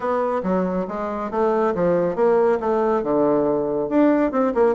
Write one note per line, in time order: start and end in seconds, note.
0.00 0.41 B3
0.43 0.86 F#3
0.88 1.30 G#3
1.30 1.74 A3
1.74 2.15 F3
2.15 2.58 A#3
2.60 3.03 A3
3.03 3.89 D3
3.89 4.31 D4
4.31 4.53 C4
4.54 4.75 A#3